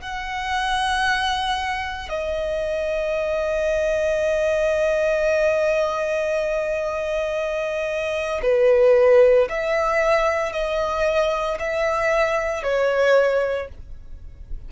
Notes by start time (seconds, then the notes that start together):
0.00 F#5
2.09 D#5
8.43 B4
9.49 E5
10.52 D#5
11.59 E5
12.63 C#5